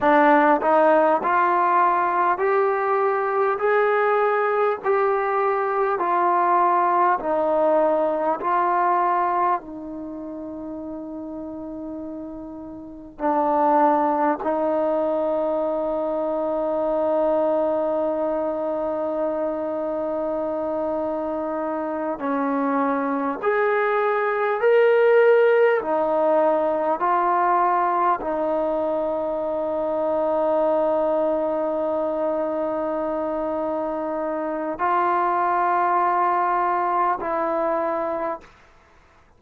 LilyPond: \new Staff \with { instrumentName = "trombone" } { \time 4/4 \tempo 4 = 50 d'8 dis'8 f'4 g'4 gis'4 | g'4 f'4 dis'4 f'4 | dis'2. d'4 | dis'1~ |
dis'2~ dis'8 cis'4 gis'8~ | gis'8 ais'4 dis'4 f'4 dis'8~ | dis'1~ | dis'4 f'2 e'4 | }